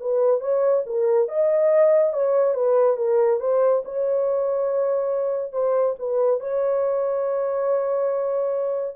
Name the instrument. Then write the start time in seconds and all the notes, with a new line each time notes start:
horn
0.00 B4
0.41 C#5
0.86 A#4
1.28 D#5
2.13 C#5
2.54 B4
2.97 A#4
3.40 C5
3.85 C#5
5.52 C5
5.99 B4
6.40 C#5